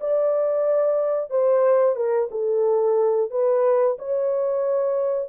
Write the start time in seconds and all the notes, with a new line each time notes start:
0.00 D5
1.30 C5
1.96 A#4
2.31 A4
3.30 B4
3.98 C#5